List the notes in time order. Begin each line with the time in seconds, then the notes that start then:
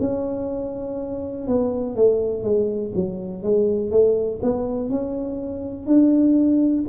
0.00 C#4
1.47 B3
1.95 A3
2.43 G#3
2.95 F#3
3.43 G#3
3.91 A3
4.43 B3
4.90 C#4
5.87 D4